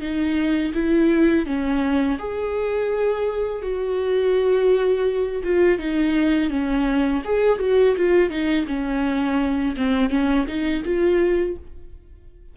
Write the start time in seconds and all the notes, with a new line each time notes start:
0.00 D#4
0.73 E4
1.46 C#4
2.18 G#4
3.62 F#4
5.43 F4
5.78 D#4
6.49 C#4
7.24 G#4
7.59 F#4
7.96 F4
8.29 D#4
8.67 C#4
9.76 C4
10.09 C#4
10.47 D#4
10.84 F4